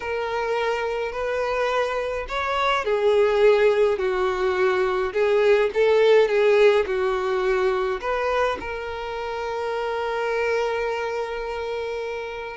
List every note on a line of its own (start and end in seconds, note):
0.00 1.11 A#4
1.11 2.26 B4
2.28 2.84 C#5
2.84 3.98 G#4
3.98 5.12 F#4
5.13 5.70 G#4
5.74 6.28 A4
6.28 6.85 G#4
6.86 8.00 F#4
8.00 8.57 B4
8.60 12.56 A#4